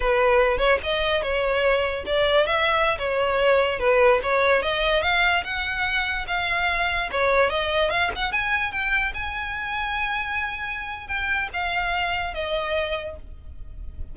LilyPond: \new Staff \with { instrumentName = "violin" } { \time 4/4 \tempo 4 = 146 b'4. cis''8 dis''4 cis''4~ | cis''4 d''4 e''4~ e''16 cis''8.~ | cis''4~ cis''16 b'4 cis''4 dis''8.~ | dis''16 f''4 fis''2 f''8.~ |
f''4~ f''16 cis''4 dis''4 f''8 fis''16~ | fis''16 gis''4 g''4 gis''4.~ gis''16~ | gis''2. g''4 | f''2 dis''2 | }